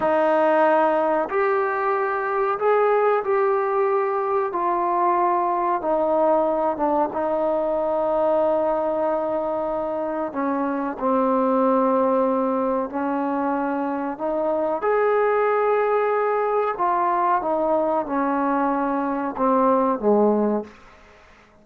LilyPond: \new Staff \with { instrumentName = "trombone" } { \time 4/4 \tempo 4 = 93 dis'2 g'2 | gis'4 g'2 f'4~ | f'4 dis'4. d'8 dis'4~ | dis'1 |
cis'4 c'2. | cis'2 dis'4 gis'4~ | gis'2 f'4 dis'4 | cis'2 c'4 gis4 | }